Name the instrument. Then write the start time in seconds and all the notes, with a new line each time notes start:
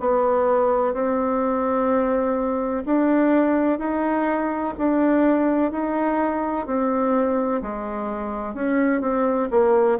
bassoon
0.00 B3
0.94 C4
2.86 D4
3.79 D#4
4.78 D4
5.72 D#4
6.67 C4
7.62 G#3
8.55 C#4
9.01 C4
9.51 A#3